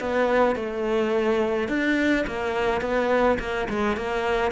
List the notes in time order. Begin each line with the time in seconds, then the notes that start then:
0.00 B3
0.56 A3
1.68 D4
2.27 A#3
2.81 B3
3.40 A#3
3.69 G#3
3.96 A#3